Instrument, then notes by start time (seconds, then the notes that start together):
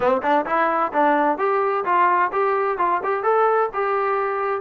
trombone
0.00 C4
0.22 D4
0.46 E4
0.92 D4
1.38 G4
1.85 F4
2.32 G4
2.77 F4
3.03 G4
3.23 A4
3.73 G4